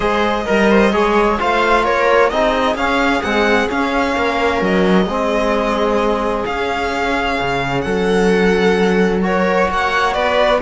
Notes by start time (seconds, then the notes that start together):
0.00 G#3 G#4 C5 D#5
0.45 G3 A#4
0.70 C5
0.92 G#3 G#4 C#5
1.39 A3 F4 C5 F5
1.83 A#3 A#4 C#5
2.29 C4 D#4 G#4 D#5
2.75 C#4 F5
3.22 G#3 C4 F#5
3.67 C#4 F5
4.15 A#3 A#4
4.61 F#3 D#5
5.05 G#3 C4 G#4
6.45 C#4 F5
7.40 C#3
7.81 F#3 A4 F#5
9.22 F#4 A#4 C#5
9.69 A#3 C#5 F#5
10.13 B3 B4 D5